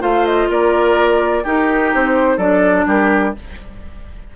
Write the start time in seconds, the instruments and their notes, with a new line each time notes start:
0.00 bassoon A3, clarinet F4, oboe C5, flute F5
0.25 flute D#5
0.49 bassoon A#3, oboe A#4, flute D5
1.43 clarinet D#4, bassoon D#4, oboe G4, flute A#4
1.94 bassoon C4, flute C5
2.37 bassoon F#3, clarinet D4, oboe A4, flute D5
2.86 bassoon G3, oboe G4, flute A#4